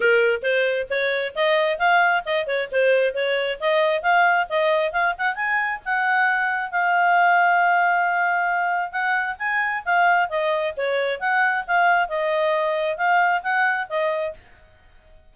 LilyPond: \new Staff \with { instrumentName = "clarinet" } { \time 4/4 \tempo 4 = 134 ais'4 c''4 cis''4 dis''4 | f''4 dis''8 cis''8 c''4 cis''4 | dis''4 f''4 dis''4 f''8 fis''8 | gis''4 fis''2 f''4~ |
f''1 | fis''4 gis''4 f''4 dis''4 | cis''4 fis''4 f''4 dis''4~ | dis''4 f''4 fis''4 dis''4 | }